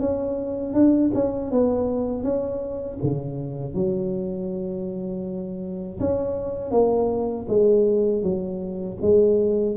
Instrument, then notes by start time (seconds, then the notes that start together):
tuba
0.00 C#4
0.74 D4
1.15 C#4
1.52 B3
2.24 C#4
3.03 C#3
3.75 F#3
6.00 C#4
6.71 A#3
7.48 G#3
8.23 F#3
9.02 G#3